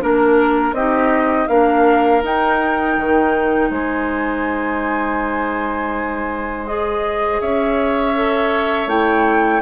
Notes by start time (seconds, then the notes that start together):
0.00 A#3 D4 A#4
0.72 C4 D#4 G4 D#5
1.48 A#3 D4 A#4 F5
2.22 D#4 G5
2.97 D#3
3.70 G#3 C5 G#5
6.66 G#4 D#5
7.40 C#4 C#5 E5
8.15 A4
8.87 A3 E4 G5